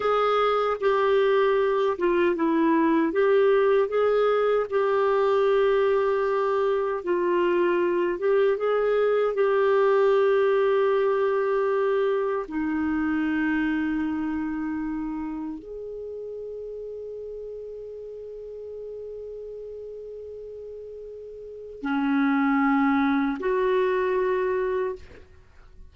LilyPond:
\new Staff \with { instrumentName = "clarinet" } { \time 4/4 \tempo 4 = 77 gis'4 g'4. f'8 e'4 | g'4 gis'4 g'2~ | g'4 f'4. g'8 gis'4 | g'1 |
dis'1 | gis'1~ | gis'1 | cis'2 fis'2 | }